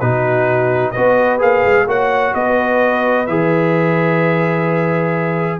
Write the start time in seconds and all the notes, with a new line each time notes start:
0.00 B2 D#4 F#4 B4
0.91 B3 F#4 B4 D#5
1.39 A#3 G#4 F5
1.65 G#3
1.87 A#3 F#4 C#5 F#5
2.34 B3 B4 D#5
3.27 E3 G#4 E5